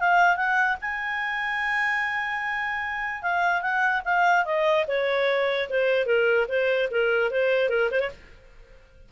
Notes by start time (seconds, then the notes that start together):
0.00 F5
0.37 F#5
0.81 G#5
3.22 F5
3.62 F#5
4.05 F5
4.45 D#5
4.88 C#5
5.70 C5
6.06 A#4
6.48 C5
6.91 A#4
7.31 C5
7.70 A#4
7.91 C5
8.00 C#5